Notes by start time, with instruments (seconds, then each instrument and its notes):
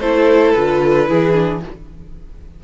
0.00 cello A3, viola E4, violin A4 C5
0.53 cello D3, viola F4, violin B4
1.07 cello E3, viola E4, violin G#4
1.33 viola D4